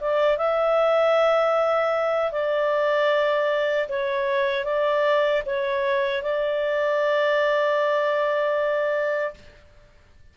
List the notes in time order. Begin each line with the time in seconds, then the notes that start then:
0.00 D5
0.38 E5
2.32 D5
3.89 C#5
4.65 D5
5.46 C#5
6.23 D5